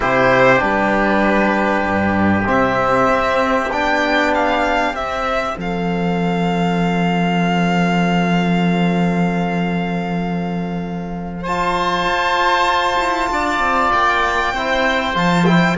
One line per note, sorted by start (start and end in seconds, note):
0.00 0.62 C3
0.00 0.58 E4
0.00 5.56 G4
0.00 0.62 C5
0.58 1.85 G3
0.58 2.43 D4
0.58 2.47 B4
1.86 2.48 G2
2.45 3.09 C3
2.45 3.69 C4
2.45 3.71 E5
3.09 3.70 C4
3.70 4.93 B3
3.70 4.95 D4
3.70 4.33 G5
4.34 4.95 F5
4.93 5.55 C4
4.93 11.44 C4
4.93 5.57 E5
5.56 12.04 F3
5.56 11.42 A4
5.56 11.44 F5
11.42 14.56 F4
11.42 13.28 C5
11.42 13.92 A5
12.04 12.97 F4
12.98 13.29 E4
13.31 13.59 D4
13.31 14.53 D5
13.59 13.90 C4
13.92 14.53 A#3
13.92 15.15 G5
14.53 15.14 C4
14.53 15.14 E4
14.53 15.77 C5
15.14 15.76 F3
15.14 15.44 F4
15.14 15.45 A5
15.45 15.77 E4
15.45 15.76 G5